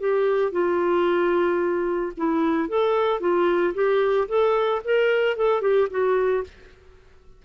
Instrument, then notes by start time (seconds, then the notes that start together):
clarinet
0.00 G4
0.52 F4
2.17 E4
2.69 A4
3.20 F4
3.74 G4
4.28 A4
4.85 A#4
5.37 A4
5.61 G4
5.91 F#4